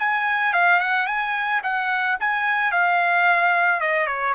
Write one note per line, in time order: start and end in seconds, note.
0.00 0.54 G#5
0.54 0.81 F5
0.81 1.07 F#5
1.07 1.62 G#5
1.64 2.18 F#5
2.20 2.72 G#5
2.72 3.81 F5
3.81 4.07 D#5
4.07 4.35 C#5